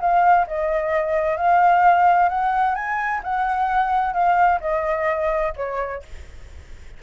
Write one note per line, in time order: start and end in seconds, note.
0.00 0.46 F5
0.47 1.37 D#5
1.37 2.29 F5
2.29 2.75 F#5
2.75 3.21 G#5
3.23 4.13 F#5
4.13 4.59 F5
4.60 5.53 D#5
5.56 6.02 C#5